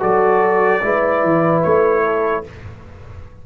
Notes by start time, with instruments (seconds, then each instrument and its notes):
0.00 tuba F#3, trombone F#4, horn A4, trumpet D5
0.82 tuba G#3, trombone E4, horn B4
1.24 tuba E3
1.63 tuba A3, trumpet C#5
2.04 horn A4